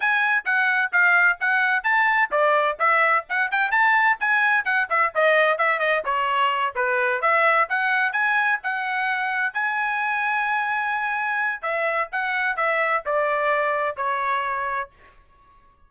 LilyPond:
\new Staff \with { instrumentName = "trumpet" } { \time 4/4 \tempo 4 = 129 gis''4 fis''4 f''4 fis''4 | a''4 d''4 e''4 fis''8 g''8 | a''4 gis''4 fis''8 e''8 dis''4 | e''8 dis''8 cis''4. b'4 e''8~ |
e''8 fis''4 gis''4 fis''4.~ | fis''8 gis''2.~ gis''8~ | gis''4 e''4 fis''4 e''4 | d''2 cis''2 | }